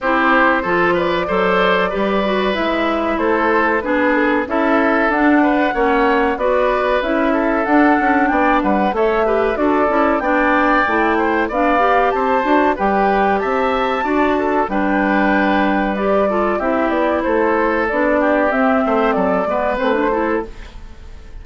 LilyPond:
<<
  \new Staff \with { instrumentName = "flute" } { \time 4/4 \tempo 4 = 94 c''4. d''2~ d''8 | e''4 c''4 b'8 a'8 e''4 | fis''2 d''4 e''4 | fis''4 g''8 fis''8 e''4 d''4 |
g''2 f''4 a''4 | g''4 a''2 g''4~ | g''4 d''4 e''8 d''8 c''4 | d''4 e''4 d''4 c''4 | }
  \new Staff \with { instrumentName = "oboe" } { \time 4/4 g'4 a'8 b'8 c''4 b'4~ | b'4 a'4 gis'4 a'4~ | a'8 b'8 cis''4 b'4. a'8~ | a'4 d''8 b'8 cis''8 b'8 a'4 |
d''4. c''8 d''4 c''4 | b'4 e''4 d''8 a'8 b'4~ | b'4. a'8 g'4 a'4~ | a'8 g'4 c''8 a'8 b'4 a'8 | }
  \new Staff \with { instrumentName = "clarinet" } { \time 4/4 e'4 f'4 a'4 g'8 fis'8 | e'2 d'4 e'4 | d'4 cis'4 fis'4 e'4 | d'2 a'8 g'8 fis'8 e'8 |
d'4 e'4 d'8 g'4 fis'8 | g'2 fis'4 d'4~ | d'4 g'8 f'8 e'2 | d'4 c'4. b8 c'16 d'16 e'8 | }
  \new Staff \with { instrumentName = "bassoon" } { \time 4/4 c'4 f4 fis4 g4 | gis4 a4 b4 cis'4 | d'4 ais4 b4 cis'4 | d'8 cis'8 b8 g8 a4 d'8 cis'8 |
b4 a4 b4 c'8 d'8 | g4 c'4 d'4 g4~ | g2 c'8 b8 a4 | b4 c'8 a8 fis8 gis8 a4 | }
>>